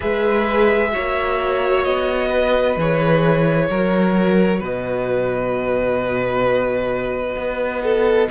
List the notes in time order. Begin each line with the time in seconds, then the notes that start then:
0.00 G#3 G#4 B4 E5
0.91 A#3 F#4 C#5
1.84 B3 D#5
2.28 B4
2.76 E3 G#4 C#5
3.69 F#3 F#4 A#4
4.59 B2 B4 D#5
7.36 B3
7.83 A4